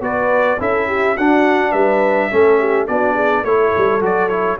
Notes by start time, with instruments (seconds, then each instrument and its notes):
0.00 tuba B3, trombone F#4, horn B4, trumpet D5
0.59 tuba C#4, trombone E4, horn A4, trumpet E5
0.87 horn G4
1.15 tuba D4, trombone D4, horn F#4, trumpet F#5
1.71 tuba G3, horn B4, trumpet E5
2.31 tuba A3, trombone C#4, horn A4
2.58 horn G4
2.87 tuba B3, trombone D4, horn F#4, trumpet D5
3.13 horn G#4
3.44 tuba A3, trombone E4, horn A4, trumpet C#5
3.77 tuba G3
4.01 tuba F#3, trombone F#4, trumpet D5
4.28 trombone E4, trumpet C#5